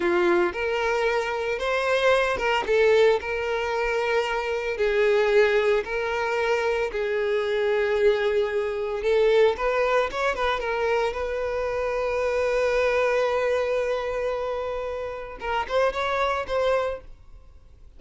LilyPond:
\new Staff \with { instrumentName = "violin" } { \time 4/4 \tempo 4 = 113 f'4 ais'2 c''4~ | c''8 ais'8 a'4 ais'2~ | ais'4 gis'2 ais'4~ | ais'4 gis'2.~ |
gis'4 a'4 b'4 cis''8 b'8 | ais'4 b'2.~ | b'1~ | b'4 ais'8 c''8 cis''4 c''4 | }